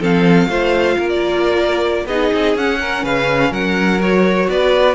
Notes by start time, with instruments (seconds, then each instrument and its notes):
0.00 cello F3, viola C4, violin A4 F5
0.48 cello A3, viola F4, violin C5
0.99 cello A#3, violin A#4
1.10 violin D5
2.06 cello B3, viola D#4, violin G#4 D#5
2.34 cello C4
2.55 cello C#4, viola C#4, violin F#5
2.80 violin A#4
3.04 cello C#3, violin B4 F5
3.51 cello F#3, violin A#4 F#5
4.00 viola F#4, violin C#5
4.49 cello B3, violin B4 D5